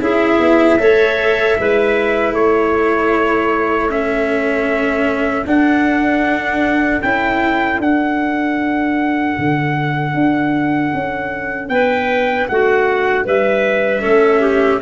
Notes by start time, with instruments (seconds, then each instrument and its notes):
0.00 tuba C#4, cello E4, clarinet G#4, trumpet E5
0.40 tuba B3
0.79 tuba A3, cello A4, clarinet C#5
1.58 tuba G#3, cello E4, clarinet B4
2.31 tuba A3, clarinet A4, trumpet C#5
3.89 cello C#4, trumpet E5
5.46 cello D4, tuba D4, trumpet F#5
7.02 tuba C#4, cello E4, trumpet G5
7.79 tuba D4, cello D4, trumpet F#5
9.38 tuba D3
10.14 tuba D4
10.94 tuba C#4
11.69 tuba B3, clarinet B4, trumpet G5
12.48 tuba A3, clarinet F#4, trumpet F#5
13.25 tuba G3, clarinet B4, trumpet E5
14.02 tuba A3, cello C#4, clarinet A4
14.41 clarinet G4